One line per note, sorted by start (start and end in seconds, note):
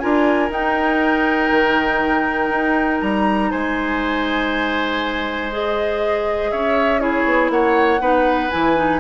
0.00 0.50 D4
0.00 0.51 F4
0.00 3.51 A#4
0.00 0.50 G#5
0.50 1.50 D#4
0.50 5.51 D#4
0.50 3.01 G5
1.51 2.50 D#3
2.50 3.00 D#4
3.01 3.52 G3
3.01 3.51 A#5
3.51 6.53 G#3
3.51 6.51 C5
3.51 5.52 G#5
5.51 7.00 G#4
5.51 6.52 D#5
6.52 7.25 C#4
6.52 7.01 C#5
6.52 7.00 E5
7.00 8.00 E4
7.00 7.51 G#4
7.00 7.50 C#5
7.25 7.50 B3
7.50 8.00 A#3
7.50 8.02 C#5
7.50 8.51 F#5
8.00 8.50 B3
8.00 8.50 D#4
8.00 9.01 B4
8.51 9.01 E3
8.51 8.76 E4
8.51 9.01 G#5
8.76 9.01 D#4